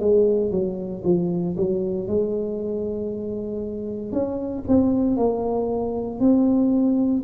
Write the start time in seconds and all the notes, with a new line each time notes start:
0.00 G#3
0.51 F#3
1.05 F3
1.58 F#3
2.08 G#3
4.12 C#4
4.68 C4
5.17 A#3
6.20 C4